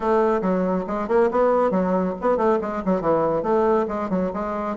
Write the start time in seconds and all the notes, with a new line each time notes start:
0.00 A3
0.41 F#3
0.87 G#3
1.08 A#3
1.31 B3
1.71 F#3
2.21 B3
2.37 A3
2.61 G#3
2.85 F#3
3.01 E3
3.43 A3
3.88 G#3
4.09 F#3
4.33 G#3